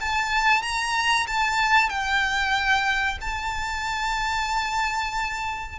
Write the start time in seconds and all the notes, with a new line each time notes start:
0.00 A5
0.62 A#5
1.27 A5
1.89 G5
3.21 A5